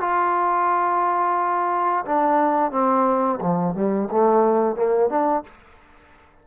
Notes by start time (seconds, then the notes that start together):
0.00 F4
2.05 D4
2.71 C4
3.40 F3
3.74 G3
4.10 A3
4.75 A#3
5.09 D4